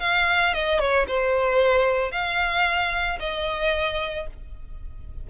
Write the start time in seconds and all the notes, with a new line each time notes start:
0.00 F5
0.54 D#5
0.79 C#5
1.08 C5
2.12 F5
3.20 D#5